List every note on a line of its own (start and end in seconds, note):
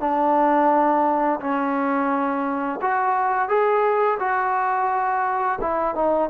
0.00 1.40 D4
1.40 2.79 C#4
2.81 3.48 F#4
3.48 4.18 G#4
4.19 5.58 F#4
5.61 5.94 E4
5.94 6.29 D#4